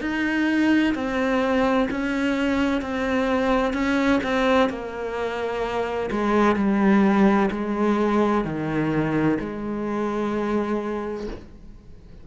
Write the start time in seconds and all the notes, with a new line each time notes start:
0.00 D#4
0.94 C4
1.90 C#4
2.81 C4
3.73 C#4
4.23 C4
4.69 A#3
6.11 G#3
6.55 G3
7.51 G#3
8.44 D#3
9.39 G#3